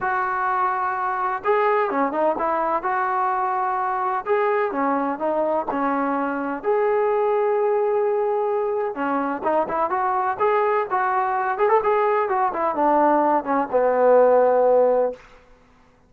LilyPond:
\new Staff \with { instrumentName = "trombone" } { \time 4/4 \tempo 4 = 127 fis'2. gis'4 | cis'8 dis'8 e'4 fis'2~ | fis'4 gis'4 cis'4 dis'4 | cis'2 gis'2~ |
gis'2. cis'4 | dis'8 e'8 fis'4 gis'4 fis'4~ | fis'8 gis'16 a'16 gis'4 fis'8 e'8 d'4~ | d'8 cis'8 b2. | }